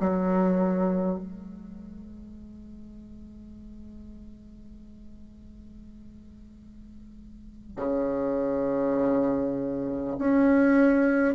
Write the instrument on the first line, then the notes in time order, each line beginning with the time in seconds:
bassoon
0.00 F#3
1.18 G#3
7.76 C#3
10.18 C#4